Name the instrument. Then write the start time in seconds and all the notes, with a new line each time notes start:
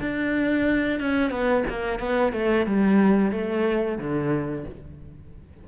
cello
0.00 D4
1.00 C#4
1.30 B3
1.69 A#3
1.99 B3
2.33 A3
2.66 G3
3.32 A3
3.98 D3